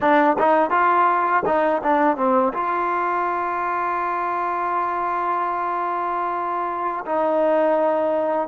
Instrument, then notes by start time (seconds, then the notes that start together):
trombone
0.00 D4
0.38 D#4
0.70 F4
1.45 D#4
1.83 D4
2.17 C4
2.53 F4
7.05 D#4